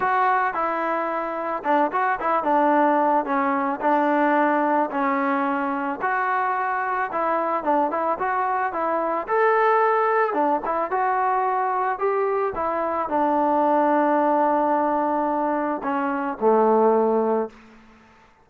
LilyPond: \new Staff \with { instrumentName = "trombone" } { \time 4/4 \tempo 4 = 110 fis'4 e'2 d'8 fis'8 | e'8 d'4. cis'4 d'4~ | d'4 cis'2 fis'4~ | fis'4 e'4 d'8 e'8 fis'4 |
e'4 a'2 d'8 e'8 | fis'2 g'4 e'4 | d'1~ | d'4 cis'4 a2 | }